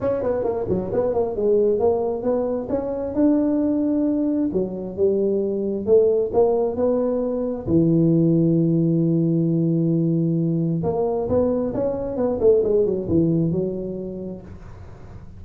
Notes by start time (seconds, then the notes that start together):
0.00 C#4
0.22 B3
0.43 A#3
0.68 F#3
0.92 B3
1.13 A#3
1.36 G#3
1.79 A#3
2.22 B3
2.69 C#4
3.14 D4
4.53 F#3
4.96 G3
5.85 A3
6.33 A#3
6.76 B3
7.67 E3
10.83 A#3
11.28 B3
11.74 C#4
12.17 B3
12.40 A3
12.63 G#3
12.85 F#3
13.08 E3
13.51 F#3